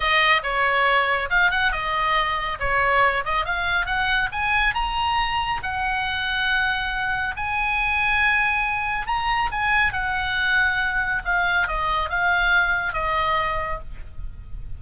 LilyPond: \new Staff \with { instrumentName = "oboe" } { \time 4/4 \tempo 4 = 139 dis''4 cis''2 f''8 fis''8 | dis''2 cis''4. dis''8 | f''4 fis''4 gis''4 ais''4~ | ais''4 fis''2.~ |
fis''4 gis''2.~ | gis''4 ais''4 gis''4 fis''4~ | fis''2 f''4 dis''4 | f''2 dis''2 | }